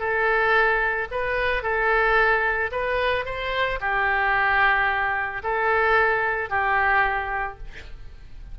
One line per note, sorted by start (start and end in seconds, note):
0.00 1.08 A4
1.11 1.63 B4
1.63 2.71 A4
2.71 3.25 B4
3.25 3.79 C5
3.80 5.43 G4
5.43 6.50 A4
6.50 7.58 G4